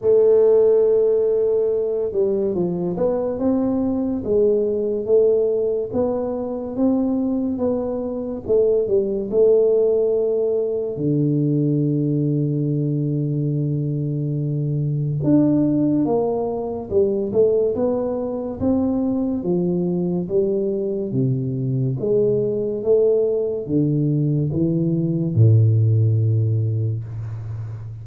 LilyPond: \new Staff \with { instrumentName = "tuba" } { \time 4/4 \tempo 4 = 71 a2~ a8 g8 f8 b8 | c'4 gis4 a4 b4 | c'4 b4 a8 g8 a4~ | a4 d2.~ |
d2 d'4 ais4 | g8 a8 b4 c'4 f4 | g4 c4 gis4 a4 | d4 e4 a,2 | }